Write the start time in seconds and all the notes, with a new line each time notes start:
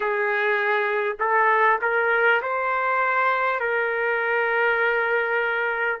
0.00 G#4
1.19 A4
1.81 A#4
2.42 C5
3.59 A#4